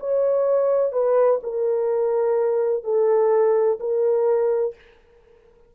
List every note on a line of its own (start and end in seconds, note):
0.00 0.93 C#5
0.93 1.40 B4
1.43 2.84 A#4
2.84 3.79 A4
3.80 4.75 A#4